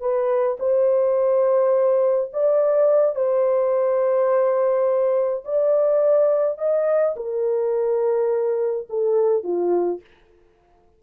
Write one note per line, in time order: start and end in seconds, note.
0.00 0.57 B4
0.59 2.31 C5
2.33 3.15 D5
3.15 5.43 C5
5.44 6.58 D5
6.58 7.15 D#5
7.16 8.87 A#4
8.89 9.43 A4
9.43 10.00 F4